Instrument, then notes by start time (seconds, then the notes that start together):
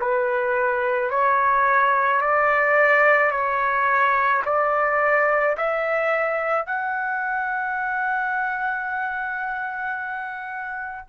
trumpet
0.00 B4
1.10 C#5
2.21 D5
3.31 C#5
4.45 D5
5.57 E5
6.66 F#5